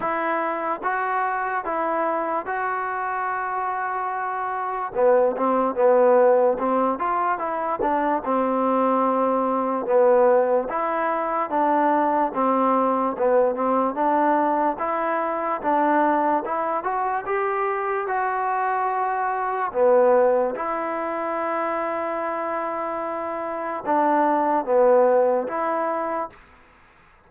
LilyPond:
\new Staff \with { instrumentName = "trombone" } { \time 4/4 \tempo 4 = 73 e'4 fis'4 e'4 fis'4~ | fis'2 b8 c'8 b4 | c'8 f'8 e'8 d'8 c'2 | b4 e'4 d'4 c'4 |
b8 c'8 d'4 e'4 d'4 | e'8 fis'8 g'4 fis'2 | b4 e'2.~ | e'4 d'4 b4 e'4 | }